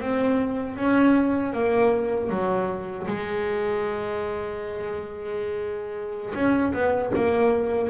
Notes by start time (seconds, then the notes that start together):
0.00 C4
0.76 C#4
1.53 A#3
2.30 F#3
3.07 G#3
6.34 C#4
6.73 B3
7.15 A#3